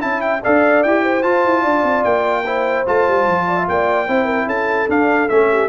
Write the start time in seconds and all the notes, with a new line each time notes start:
0.00 C#4 E4 E5 A5
0.22 G5
0.43 D4 A4 D5 F5
0.83 E4 G4 G5
1.03 C5
1.23 F4 A5
1.46 E4
1.61 D4 D5
1.84 C4
2.04 A#3 G5
2.45 E4 C5
2.87 A3 F4 A5
3.08 G3
3.28 F3
3.48 D5
3.57 E5
3.69 A#3 D5 G5
4.08 C4 E4 C5
4.25 A#4
4.47 C#4 A4 A5
4.89 D4 F5
5.29 A3 C#4 E5
5.51 G4